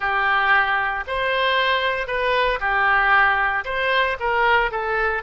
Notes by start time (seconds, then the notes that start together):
0.00 G4
1.07 C5
2.07 B4
2.60 G4
3.65 C5
4.19 A#4
4.71 A4